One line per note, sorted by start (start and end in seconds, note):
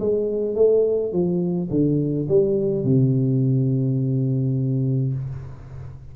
0.00 0.56 G#3
0.56 1.13 A3
1.13 1.70 F3
1.71 2.28 D3
2.29 2.85 G3
2.85 5.14 C3